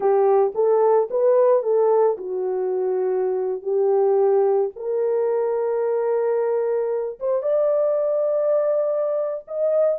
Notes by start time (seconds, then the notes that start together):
0.00 G4
0.54 A4
1.10 B4
1.62 A4
2.17 F#4
3.62 G4
4.76 A#4
7.19 C5
7.42 D5
9.47 D#5